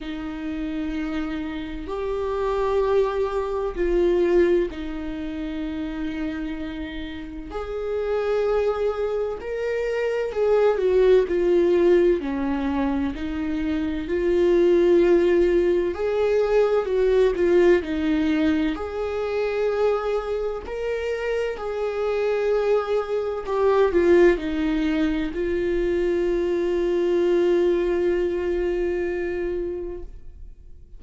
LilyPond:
\new Staff \with { instrumentName = "viola" } { \time 4/4 \tempo 4 = 64 dis'2 g'2 | f'4 dis'2. | gis'2 ais'4 gis'8 fis'8 | f'4 cis'4 dis'4 f'4~ |
f'4 gis'4 fis'8 f'8 dis'4 | gis'2 ais'4 gis'4~ | gis'4 g'8 f'8 dis'4 f'4~ | f'1 | }